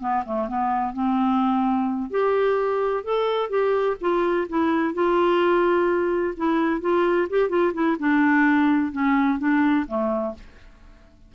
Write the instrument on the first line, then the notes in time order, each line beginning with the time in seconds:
clarinet
0.00 B3
0.25 A3
0.48 B3
0.94 C4
2.11 G4
3.04 A4
3.50 G4
4.01 F4
4.49 E4
4.94 F4
6.37 E4
6.81 F4
7.30 G4
7.49 F4
7.73 E4
7.99 D4
8.92 C#4
9.39 D4
9.88 A3